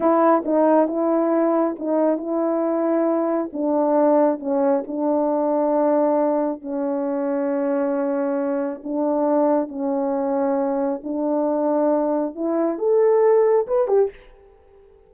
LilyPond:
\new Staff \with { instrumentName = "horn" } { \time 4/4 \tempo 4 = 136 e'4 dis'4 e'2 | dis'4 e'2. | d'2 cis'4 d'4~ | d'2. cis'4~ |
cis'1 | d'2 cis'2~ | cis'4 d'2. | e'4 a'2 b'8 g'8 | }